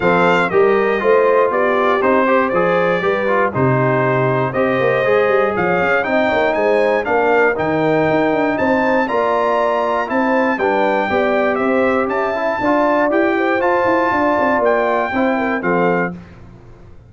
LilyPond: <<
  \new Staff \with { instrumentName = "trumpet" } { \time 4/4 \tempo 4 = 119 f''4 dis''2 d''4 | c''4 d''2 c''4~ | c''4 dis''2 f''4 | g''4 gis''4 f''4 g''4~ |
g''4 a''4 ais''2 | a''4 g''2 e''4 | a''2 g''4 a''4~ | a''4 g''2 f''4 | }
  \new Staff \with { instrumentName = "horn" } { \time 4/4 a'4 ais'4 c''4 g'4~ | g'8 c''4. b'4 g'4~ | g'4 c''2 cis''4 | dis''8 cis''8 c''4 ais'2~ |
ais'4 c''4 d''2 | c''4 b'4 d''4 c''4 | e''4 d''4. c''4. | d''2 c''8 ais'8 a'4 | }
  \new Staff \with { instrumentName = "trombone" } { \time 4/4 c'4 g'4 f'2 | dis'8 g'8 gis'4 g'8 f'8 dis'4~ | dis'4 g'4 gis'2 | dis'2 d'4 dis'4~ |
dis'2 f'2 | e'4 d'4 g'2~ | g'8 e'8 f'4 g'4 f'4~ | f'2 e'4 c'4 | }
  \new Staff \with { instrumentName = "tuba" } { \time 4/4 f4 g4 a4 b4 | c'4 f4 g4 c4~ | c4 c'8 ais8 gis8 g8 f8 cis'8 | c'8 ais8 gis4 ais4 dis4 |
dis'8 d'8 c'4 ais2 | c'4 g4 b4 c'4 | cis'4 d'4 e'4 f'8 e'8 | d'8 c'8 ais4 c'4 f4 | }
>>